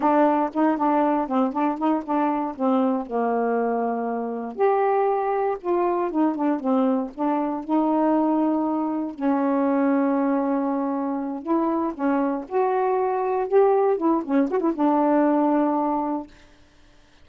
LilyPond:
\new Staff \with { instrumentName = "saxophone" } { \time 4/4 \tempo 4 = 118 d'4 dis'8 d'4 c'8 d'8 dis'8 | d'4 c'4 ais2~ | ais4 g'2 f'4 | dis'8 d'8 c'4 d'4 dis'4~ |
dis'2 cis'2~ | cis'2~ cis'8 e'4 cis'8~ | cis'8 fis'2 g'4 e'8 | cis'8 fis'16 e'16 d'2. | }